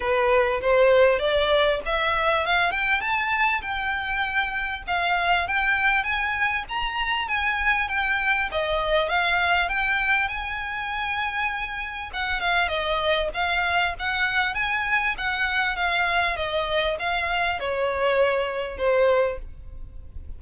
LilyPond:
\new Staff \with { instrumentName = "violin" } { \time 4/4 \tempo 4 = 99 b'4 c''4 d''4 e''4 | f''8 g''8 a''4 g''2 | f''4 g''4 gis''4 ais''4 | gis''4 g''4 dis''4 f''4 |
g''4 gis''2. | fis''8 f''8 dis''4 f''4 fis''4 | gis''4 fis''4 f''4 dis''4 | f''4 cis''2 c''4 | }